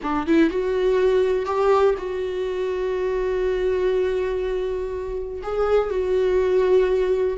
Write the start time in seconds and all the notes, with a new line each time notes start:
0.02 D4
0.27 E4
0.50 F#4
1.45 G4
1.97 F#4
5.42 G#4
5.90 F#4